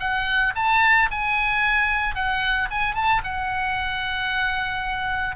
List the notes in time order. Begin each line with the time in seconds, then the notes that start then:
0.00 F#5
0.56 A5
1.12 G#5
2.16 F#5
2.71 G#5
2.95 A5
3.24 F#5